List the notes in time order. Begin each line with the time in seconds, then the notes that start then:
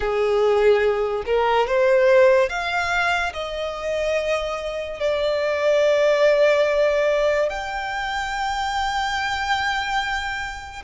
0.00 G#4
1.26 A#4
1.67 C5
2.49 F5
3.33 D#5
5.00 D5
7.49 G5